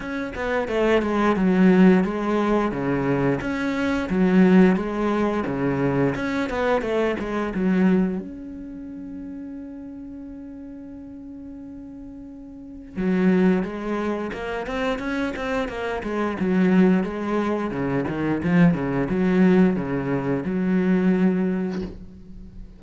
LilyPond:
\new Staff \with { instrumentName = "cello" } { \time 4/4 \tempo 4 = 88 cis'8 b8 a8 gis8 fis4 gis4 | cis4 cis'4 fis4 gis4 | cis4 cis'8 b8 a8 gis8 fis4 | cis'1~ |
cis'2. fis4 | gis4 ais8 c'8 cis'8 c'8 ais8 gis8 | fis4 gis4 cis8 dis8 f8 cis8 | fis4 cis4 fis2 | }